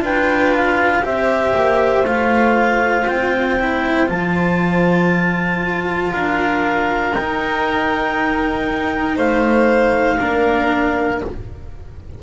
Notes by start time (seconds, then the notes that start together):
0.00 D4 F4 B4 G5
0.56 F5
1.03 C4 G4 C5 E5
1.55 A#3
2.04 A3 F4 F5
3.07 C4 G5
3.60 E4
4.07 F3 F4 A5
6.11 D4 A#4 F5
7.13 D#4 G5
9.15 A3 C5 F5
10.19 A#3 D4 A#4